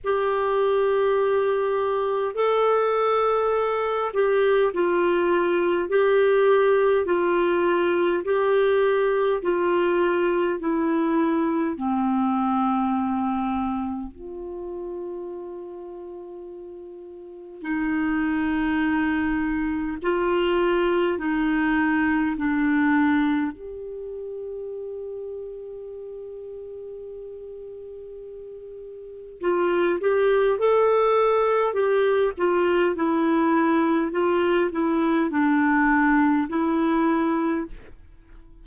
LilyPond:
\new Staff \with { instrumentName = "clarinet" } { \time 4/4 \tempo 4 = 51 g'2 a'4. g'8 | f'4 g'4 f'4 g'4 | f'4 e'4 c'2 | f'2. dis'4~ |
dis'4 f'4 dis'4 d'4 | g'1~ | g'4 f'8 g'8 a'4 g'8 f'8 | e'4 f'8 e'8 d'4 e'4 | }